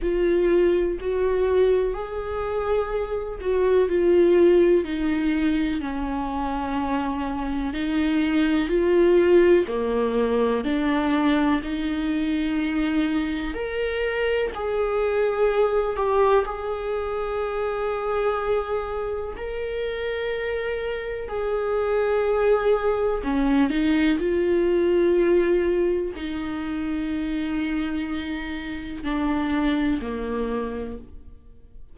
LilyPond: \new Staff \with { instrumentName = "viola" } { \time 4/4 \tempo 4 = 62 f'4 fis'4 gis'4. fis'8 | f'4 dis'4 cis'2 | dis'4 f'4 ais4 d'4 | dis'2 ais'4 gis'4~ |
gis'8 g'8 gis'2. | ais'2 gis'2 | cis'8 dis'8 f'2 dis'4~ | dis'2 d'4 ais4 | }